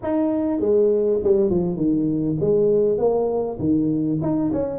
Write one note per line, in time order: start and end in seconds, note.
0.02 0.60 D#4
0.60 1.20 G#3
1.23 1.50 G3
1.50 1.76 F3
1.76 2.36 D#3
2.40 2.98 G#3
2.98 3.58 A#3
3.59 4.19 D#3
4.21 4.51 D#4
4.52 4.79 C#4